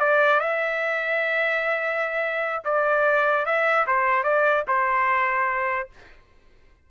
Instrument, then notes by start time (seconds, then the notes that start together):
trumpet
0.00 D5
0.40 E5
2.65 D5
3.46 E5
3.87 C5
4.24 D5
4.68 C5